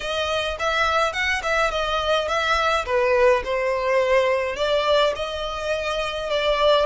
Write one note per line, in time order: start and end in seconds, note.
0.00 0.57 D#5
0.59 1.12 E5
1.12 1.41 F#5
1.43 1.71 E5
1.71 2.28 D#5
2.28 2.85 E5
2.85 3.42 B4
3.44 4.56 C5
4.56 5.13 D5
5.15 6.30 D#5
6.30 6.85 D5